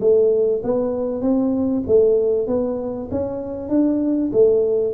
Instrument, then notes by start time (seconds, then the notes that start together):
tuba
0.00 A3
0.63 B3
1.21 C4
1.87 A3
2.47 B3
3.11 C#4
3.69 D4
4.32 A3